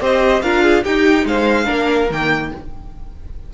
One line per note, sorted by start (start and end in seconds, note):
0.00 0.42 C4
0.00 0.42 G4
0.00 0.43 C5
0.00 0.41 D#5
0.41 0.84 D4
0.41 0.85 F4
0.41 0.63 A#4
0.41 0.83 F5
0.63 0.83 G#4
0.83 1.64 D#4
0.83 1.25 D#4
0.83 1.25 G4
0.83 1.26 G5
1.25 1.66 G#3
1.25 1.65 C5
1.25 2.10 F5
1.64 2.10 A#3
1.64 2.06 D4
1.64 2.48 A#4
2.10 2.51 D#3
2.10 2.53 A#3
2.10 2.53 G5